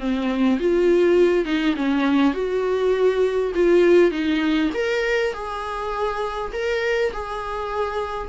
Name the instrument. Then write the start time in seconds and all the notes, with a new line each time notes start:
viola
0.00 C4
0.60 F4
1.46 D#4
1.76 C#4
2.34 F#4
3.55 F4
4.12 D#4
4.74 A#4
5.34 G#4
6.53 A#4
7.13 G#4